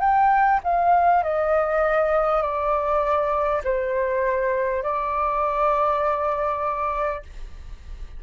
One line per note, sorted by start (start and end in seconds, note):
0.00 0.60 G5
0.63 1.23 F5
1.23 2.42 D#5
2.42 3.62 D5
3.64 4.82 C5
4.82 7.22 D5